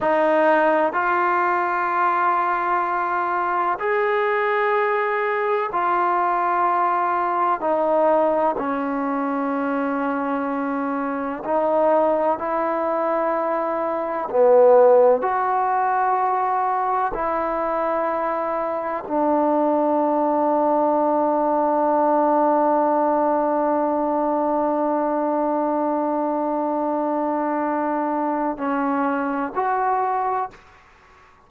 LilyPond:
\new Staff \with { instrumentName = "trombone" } { \time 4/4 \tempo 4 = 63 dis'4 f'2. | gis'2 f'2 | dis'4 cis'2. | dis'4 e'2 b4 |
fis'2 e'2 | d'1~ | d'1~ | d'2 cis'4 fis'4 | }